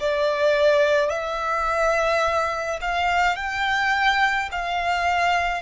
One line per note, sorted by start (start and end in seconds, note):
0.00 1.10 D5
1.10 2.79 E5
2.81 3.36 F5
3.36 4.49 G5
4.52 5.61 F5